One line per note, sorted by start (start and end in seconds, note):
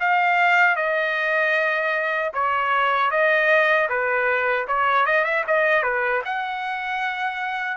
0.00 0.76 F5
0.76 2.32 D#5
2.33 3.11 C#5
3.11 3.89 D#5
3.89 4.67 B4
4.67 5.06 C#5
5.06 5.24 D#5
5.24 5.44 E5
5.47 5.83 D#5
5.83 6.22 B4
6.24 7.77 F#5